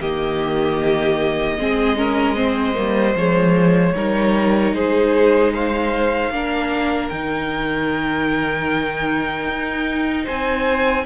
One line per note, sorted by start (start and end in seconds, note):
0.00 1.58 D#3
0.00 1.59 A#3
0.00 1.58 G4
0.00 3.16 D#5
1.58 2.76 G#3
1.58 1.96 C4
1.58 1.98 G#4
1.96 2.35 C#4
1.96 2.36 A#4
2.35 2.75 C4
2.35 3.94 C5
2.75 3.14 G3
2.75 3.14 A#3
3.14 3.93 F3
3.14 3.96 G#3
3.14 4.74 C#5
3.95 4.72 G3
3.95 6.32 D#4
3.95 4.75 A#4
4.72 6.30 G#3
4.72 5.54 G#4
4.72 5.53 C5
5.54 6.33 C5
5.54 7.09 F5
6.30 7.09 A#3
6.30 7.11 D4
6.30 10.24 A#4
7.09 9.48 D#3
7.09 11.05 D#4
7.09 10.25 G5
9.48 10.26 D#4
10.24 11.05 C4
10.24 11.03 C5
10.24 11.05 G#5